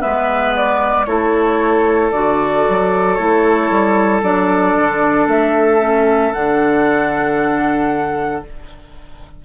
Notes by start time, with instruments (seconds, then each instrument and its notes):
0.00 bassoon G#3, clarinet B3, oboe B4, flute E5
0.56 flute D5
1.05 bassoon A3, clarinet E4, oboe A4, flute C#5
2.12 bassoon D3, clarinet F#4, flute D5
2.69 bassoon F#3
3.15 bassoon A3, clarinet E4, flute C#5
3.70 bassoon G3
4.23 bassoon F#3, clarinet D4, flute D5
4.76 bassoon D3
5.27 bassoon A3, flute E5
5.80 clarinet C#4
6.33 bassoon D3, clarinet D4, flute F#5